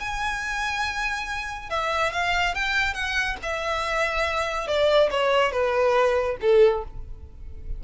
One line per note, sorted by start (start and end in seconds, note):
0.00 1.70 G#5
1.70 2.12 E5
2.12 2.55 F5
2.55 2.94 G5
2.94 3.37 F#5
3.43 4.68 E5
4.68 5.10 D5
5.11 5.52 C#5
5.52 6.37 B4
6.41 6.84 A4